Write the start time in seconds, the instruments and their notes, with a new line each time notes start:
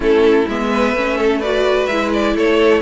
0.00 cello A3, viola C#4, violin E4 A4
0.48 cello G#3, viola B3, violin E5
0.71 violin B4
0.92 cello A3, viola C#4
1.17 violin A4
1.39 viola F#4, violin B4 D5
1.86 cello G#3, viola E4, violin E5
2.13 violin D5
2.35 cello A3, violin A4 C#5